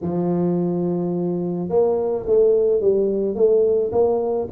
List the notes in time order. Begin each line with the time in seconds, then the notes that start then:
0.01 F3
1.69 A#3
2.26 A3
2.80 G3
3.35 A3
3.92 A#3